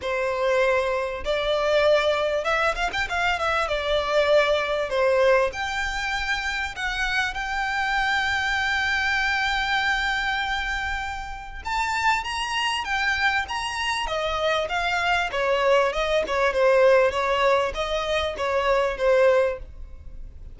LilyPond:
\new Staff \with { instrumentName = "violin" } { \time 4/4 \tempo 4 = 98 c''2 d''2 | e''8 f''16 g''16 f''8 e''8 d''2 | c''4 g''2 fis''4 | g''1~ |
g''2. a''4 | ais''4 g''4 ais''4 dis''4 | f''4 cis''4 dis''8 cis''8 c''4 | cis''4 dis''4 cis''4 c''4 | }